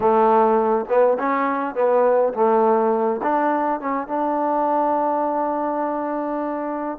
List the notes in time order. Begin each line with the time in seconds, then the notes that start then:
0.00 A3
0.88 B3
1.18 C#4
1.74 B3
2.33 A3
3.22 D4
3.80 C#4
4.07 D4